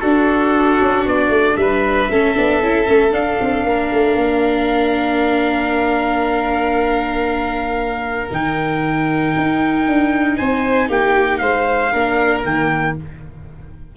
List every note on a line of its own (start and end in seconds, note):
0.00 0.80 D4
0.00 2.11 D4
0.00 1.56 F#4
0.00 1.03 A4
0.81 1.05 C#4
1.05 1.29 B3
1.05 1.56 D5
1.29 1.55 A3
1.56 2.08 G3
1.56 2.11 B4
1.56 3.11 E5
2.10 2.35 A3
2.10 2.35 C#4
2.10 3.66 A4
2.35 2.61 B3
2.35 2.61 D4
2.61 2.87 C#4
2.61 2.87 E4
2.87 3.13 A3
2.87 3.10 C#4
3.10 8.28 D4
3.10 3.39 D4
3.10 8.30 F5
3.40 3.63 C4
3.63 3.89 A#3
3.63 10.37 A#4
3.92 4.15 A3
4.15 8.28 A#3
8.31 9.34 D#3
8.31 11.92 D#4
8.31 10.36 G5
9.37 9.87 D#4
9.87 10.39 D4
10.36 10.89 C4
10.36 10.88 C5
10.36 10.88 G#5
10.88 11.41 A#3
10.88 11.40 G4
10.88 11.37 G5
11.37 11.93 G#3
11.37 11.92 C5
11.37 12.41 F5
11.92 12.44 A#3
11.92 12.44 D4
11.92 12.95 A#4
12.44 12.96 D#3
12.44 12.96 A#3
12.44 12.96 G5